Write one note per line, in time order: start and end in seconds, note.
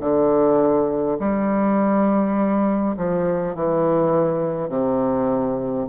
0.00 1.18 D3
1.19 2.95 G3
2.97 3.55 F3
3.55 4.68 E3
4.68 5.86 C3